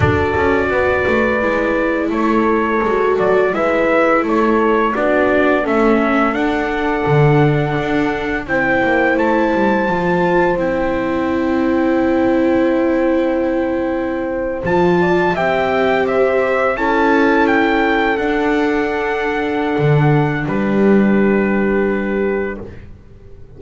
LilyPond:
<<
  \new Staff \with { instrumentName = "trumpet" } { \time 4/4 \tempo 4 = 85 d''2. cis''4~ | cis''8 d''8 e''4 cis''4 d''4 | e''4 fis''2. | g''4 a''2 g''4~ |
g''1~ | g''8. a''4 g''4 e''4 a''16~ | a''8. g''4 fis''2~ fis''16~ | fis''4 b'2. | }
  \new Staff \with { instrumentName = "horn" } { \time 4/4 a'4 b'2 a'4~ | a'4 b'4 a'4 fis'4 | a'1 | c''1~ |
c''1~ | c''4~ c''16 d''8 e''4 c''4 a'16~ | a'1~ | a'4 g'2. | }
  \new Staff \with { instrumentName = "viola" } { \time 4/4 fis'2 e'2 | fis'4 e'2 d'4 | cis'4 d'2. | e'2 f'4 e'4~ |
e'1~ | e'8. f'4 g'2 e'16~ | e'4.~ e'16 d'2~ d'16~ | d'1 | }
  \new Staff \with { instrumentName = "double bass" } { \time 4/4 d'8 cis'8 b8 a8 gis4 a4 | gis8 fis8 gis4 a4 b4 | a4 d'4 d4 d'4 | c'8 ais8 a8 g8 f4 c'4~ |
c'1~ | c'8. f4 c'2 cis'16~ | cis'4.~ cis'16 d'2~ d'16 | d4 g2. | }
>>